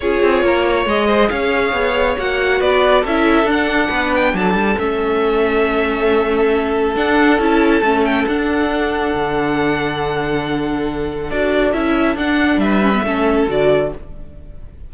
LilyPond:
<<
  \new Staff \with { instrumentName = "violin" } { \time 4/4 \tempo 4 = 138 cis''2 dis''4 f''4~ | f''4 fis''4 d''4 e''4 | fis''4. g''8 a''4 e''4~ | e''1 |
fis''4 a''4. g''8 fis''4~ | fis''1~ | fis''2 d''4 e''4 | fis''4 e''2 d''4 | }
  \new Staff \with { instrumentName = "violin" } { \time 4/4 gis'4 ais'8 cis''4 c''8 cis''4~ | cis''2 b'4 a'4~ | a'4 b'4 a'2~ | a'1~ |
a'1~ | a'1~ | a'1~ | a'4 b'4 a'2 | }
  \new Staff \with { instrumentName = "viola" } { \time 4/4 f'2 gis'2~ | gis'4 fis'2 e'4 | d'2. cis'4~ | cis'1 |
d'4 e'4 cis'4 d'4~ | d'1~ | d'2 fis'4 e'4 | d'4. cis'16 b16 cis'4 fis'4 | }
  \new Staff \with { instrumentName = "cello" } { \time 4/4 cis'8 c'8 ais4 gis4 cis'4 | b4 ais4 b4 cis'4 | d'4 b4 fis8 g8 a4~ | a1 |
d'4 cis'4 a4 d'4~ | d'4 d2.~ | d2 d'4 cis'4 | d'4 g4 a4 d4 | }
>>